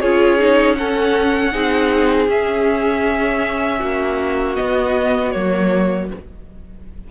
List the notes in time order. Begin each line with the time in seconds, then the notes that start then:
0.00 C#4 F4 G#4 C#5
0.38 D#4
0.74 C#4 A4 F#5
1.51 C4 D#4 G#4
2.27 C#4 E5
3.78 A#3 F#4
4.55 B3 D#5
5.31 F#3 A#3 C#5